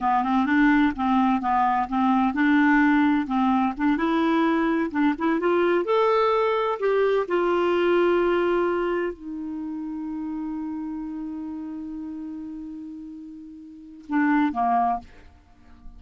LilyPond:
\new Staff \with { instrumentName = "clarinet" } { \time 4/4 \tempo 4 = 128 b8 c'8 d'4 c'4 b4 | c'4 d'2 c'4 | d'8 e'2 d'8 e'8 f'8~ | f'8 a'2 g'4 f'8~ |
f'2.~ f'8 dis'8~ | dis'1~ | dis'1~ | dis'2 d'4 ais4 | }